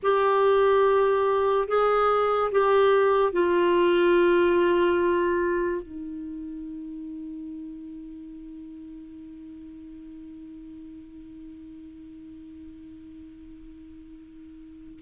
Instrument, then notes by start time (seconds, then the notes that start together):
clarinet
0.02 G4
1.67 G#4
2.51 G4
3.32 F4
5.82 D#4